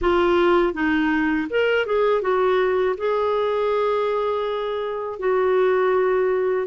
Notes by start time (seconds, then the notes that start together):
0.01 F4
0.73 D#4
1.49 A#4
1.86 G#4
2.21 F#4
2.97 G#4
5.19 F#4